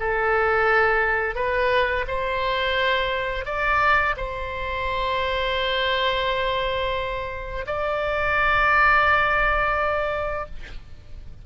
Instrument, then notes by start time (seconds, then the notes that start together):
oboe
0.00 A4
1.35 B4
2.08 C5
3.45 D5
4.17 C5
7.66 D5